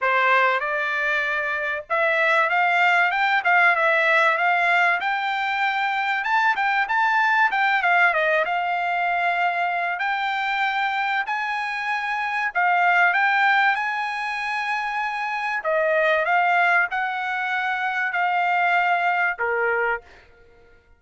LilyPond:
\new Staff \with { instrumentName = "trumpet" } { \time 4/4 \tempo 4 = 96 c''4 d''2 e''4 | f''4 g''8 f''8 e''4 f''4 | g''2 a''8 g''8 a''4 | g''8 f''8 dis''8 f''2~ f''8 |
g''2 gis''2 | f''4 g''4 gis''2~ | gis''4 dis''4 f''4 fis''4~ | fis''4 f''2 ais'4 | }